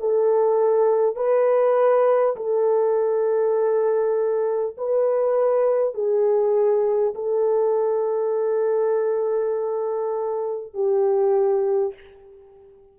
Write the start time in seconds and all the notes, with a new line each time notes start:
0.00 A4
1.16 B4
2.36 A4
4.78 B4
5.95 G#4
7.15 A4
10.74 G4